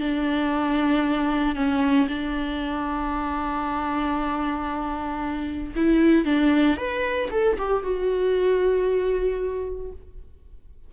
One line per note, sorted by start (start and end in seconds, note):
0.00 1.55 D4
1.55 2.08 C#4
2.08 5.73 D4
5.76 6.25 E4
6.25 6.77 D4
6.77 7.29 B4
7.31 7.57 A4
7.58 7.83 G4
7.83 9.92 F#4